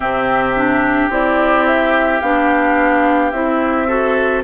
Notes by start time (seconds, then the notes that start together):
0.00 C3 C4 G4 E5
0.56 D4
1.09 C4 E4 D5
1.66 E5
2.20 B3 D4 F5
3.31 C4 E4 E5
3.87 F#4 A4